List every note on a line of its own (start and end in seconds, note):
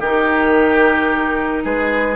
0.00 1.64 D#3
0.00 2.15 D#4
0.00 1.64 G4
0.00 1.64 A#4
1.64 2.15 G#3
1.64 2.15 G#4
1.64 2.15 B4